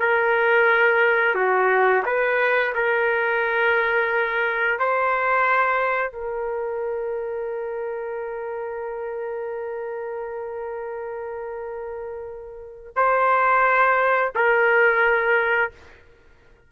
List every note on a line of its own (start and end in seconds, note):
0.00 1.35 A#4
1.35 2.04 F#4
2.06 2.74 B4
2.75 4.80 A#4
4.80 6.12 C5
6.12 12.94 A#4
12.96 14.33 C5
14.36 15.72 A#4